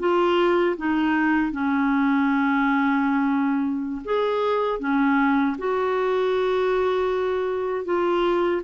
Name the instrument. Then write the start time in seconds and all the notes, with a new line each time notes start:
clarinet
0.00 F4
0.78 D#4
1.52 C#4
4.05 G#4
4.80 C#4
5.59 F#4
7.85 F4